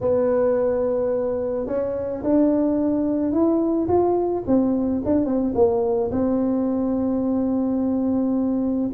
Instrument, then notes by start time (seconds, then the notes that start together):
tuba
0.00 B3
1.66 C#4
2.23 D4
3.32 E4
3.88 F4
4.46 C4
5.05 D4
5.25 C4
5.55 A#3
6.11 C4